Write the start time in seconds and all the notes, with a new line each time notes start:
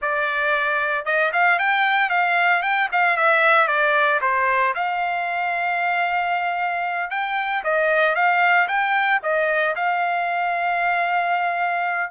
0.01 D5
1.05 D#5
1.33 F5
1.58 G5
2.09 F5
2.62 G5
2.92 F5
3.17 E5
3.67 D5
4.21 C5
4.74 F5
7.10 G5
7.64 D#5
8.15 F5
8.67 G5
9.22 D#5
9.75 F5